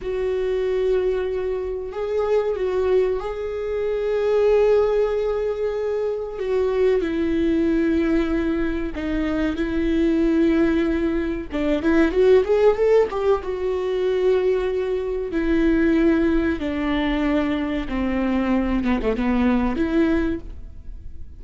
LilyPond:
\new Staff \with { instrumentName = "viola" } { \time 4/4 \tempo 4 = 94 fis'2. gis'4 | fis'4 gis'2.~ | gis'2 fis'4 e'4~ | e'2 dis'4 e'4~ |
e'2 d'8 e'8 fis'8 gis'8 | a'8 g'8 fis'2. | e'2 d'2 | c'4. b16 a16 b4 e'4 | }